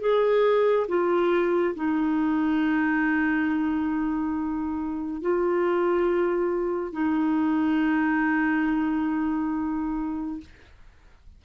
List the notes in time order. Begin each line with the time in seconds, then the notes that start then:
0.00 G#4
0.88 F4
1.75 D#4
5.21 F4
6.92 D#4